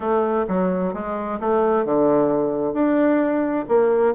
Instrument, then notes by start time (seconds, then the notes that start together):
bassoon
0.00 A3
0.48 F#3
0.93 G#3
1.40 A3
1.85 D3
2.73 D4
3.68 A#3